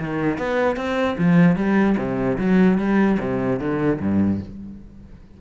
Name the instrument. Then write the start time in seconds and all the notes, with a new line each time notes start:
cello
0.00 D#3
0.39 B3
0.77 C4
1.19 F3
1.56 G3
1.98 C3
2.38 F#3
2.78 G3
3.20 C3
3.60 D3
4.01 G2